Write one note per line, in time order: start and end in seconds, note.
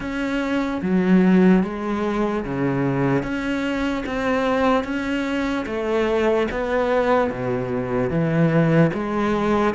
0.00 0.81 C#4
0.82 1.63 F#3
1.63 2.44 G#3
2.45 3.22 C#3
3.22 4.04 C#4
4.05 4.84 C4
4.84 5.65 C#4
5.66 6.47 A3
6.51 7.30 B3
7.30 8.09 B2
8.09 8.90 E3
8.93 9.74 G#3